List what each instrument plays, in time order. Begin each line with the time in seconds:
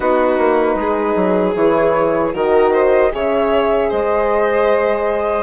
0.00 bassoon B3, horn D#4, violin F#4, flute B4
0.38 bassoon A#3
0.75 bassoon G#3, violin G#4
1.15 bassoon F#3
1.54 bassoon E3, horn E4, flute C#5
2.33 bassoon D#3, horn F#4, violin A#4, flute D#5
2.72 violin C5
3.11 bassoon C#3, horn G#4, violin C#5, flute E5
3.89 bassoon G#3, violin C5, flute D#5